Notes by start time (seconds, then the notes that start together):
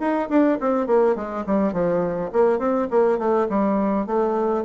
0.00 D#4
0.29 D4
0.60 C4
0.87 A#3
1.16 G#3
1.47 G3
1.73 F3
2.32 A#3
2.59 C4
2.90 A#3
3.18 A3
3.49 G3
4.06 A3